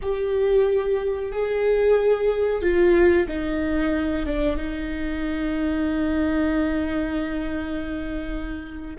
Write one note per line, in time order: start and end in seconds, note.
0.01 1.32 G4
1.32 2.62 G#4
2.62 3.27 F4
3.28 4.26 D#4
4.26 4.57 D4
4.57 8.97 D#4